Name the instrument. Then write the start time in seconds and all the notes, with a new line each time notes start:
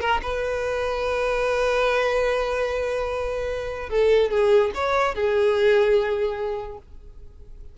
violin
0.00 A#4
0.22 B4
3.89 A4
4.30 G#4
4.74 C#5
5.14 G#4